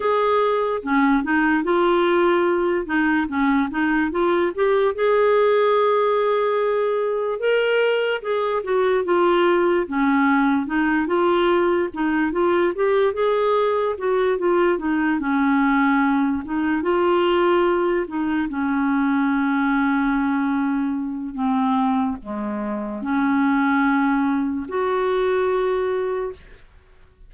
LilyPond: \new Staff \with { instrumentName = "clarinet" } { \time 4/4 \tempo 4 = 73 gis'4 cis'8 dis'8 f'4. dis'8 | cis'8 dis'8 f'8 g'8 gis'2~ | gis'4 ais'4 gis'8 fis'8 f'4 | cis'4 dis'8 f'4 dis'8 f'8 g'8 |
gis'4 fis'8 f'8 dis'8 cis'4. | dis'8 f'4. dis'8 cis'4.~ | cis'2 c'4 gis4 | cis'2 fis'2 | }